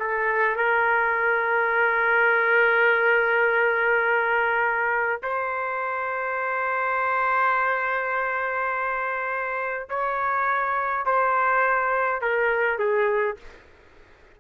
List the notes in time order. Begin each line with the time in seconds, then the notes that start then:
0.00 A4
0.57 A#4
5.23 C5
9.90 C#5
11.06 C5
12.22 A#4
12.79 G#4